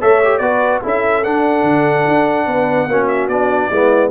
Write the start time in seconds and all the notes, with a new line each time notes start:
0.00 A3 A4 C#5 E5
0.23 G4
0.38 B3 F#4 B4 D5
0.82 C#4 E4 A4 E5
1.23 D4 F#5
1.62 D3
2.07 D4
2.46 B3 B4
2.87 A#3 C#4 F#4
3.07 E5
3.27 B3 D4 D5
3.69 G#3 B3 E4